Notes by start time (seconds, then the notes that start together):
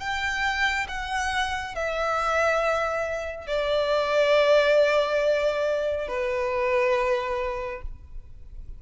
0.00 G5
0.89 F#5
1.75 E5
3.47 D5
6.08 B4